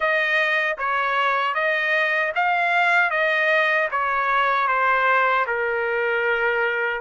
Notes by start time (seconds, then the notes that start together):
0.00 D#5
0.78 C#5
1.54 D#5
2.35 F5
3.10 D#5
3.91 C#5
4.67 C5
5.47 A#4